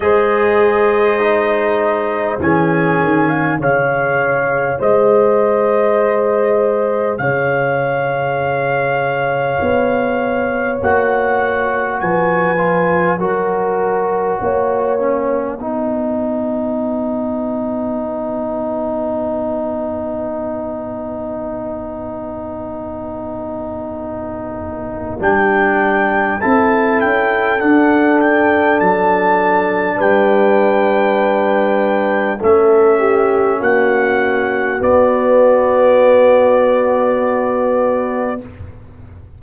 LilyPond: <<
  \new Staff \with { instrumentName = "trumpet" } { \time 4/4 \tempo 4 = 50 dis''2 gis''4 f''4 | dis''2 f''2~ | f''4 fis''4 gis''4 fis''4~ | fis''1~ |
fis''1~ | fis''4 g''4 a''8 g''8 fis''8 g''8 | a''4 g''2 e''4 | fis''4 d''2. | }
  \new Staff \with { instrumentName = "horn" } { \time 4/4 c''2 gis'8. f''16 cis''4 | c''2 cis''2~ | cis''2 b'4 ais'4 | cis''4 b'2.~ |
b'1~ | b'2 a'2~ | a'4 b'2 a'8 g'8 | fis'1 | }
  \new Staff \with { instrumentName = "trombone" } { \time 4/4 gis'4 dis'4 cis'4 gis'4~ | gis'1~ | gis'4 fis'4. f'8 fis'4~ | fis'8 cis'8 dis'2.~ |
dis'1~ | dis'4 d'4 e'4 d'4~ | d'2. cis'4~ | cis'4 b2. | }
  \new Staff \with { instrumentName = "tuba" } { \time 4/4 gis2 e8 dis8 cis4 | gis2 cis2 | b4 ais4 f4 fis4 | ais4 b2.~ |
b1~ | b4 g4 c'8 cis'8 d'4 | fis4 g2 a4 | ais4 b2. | }
>>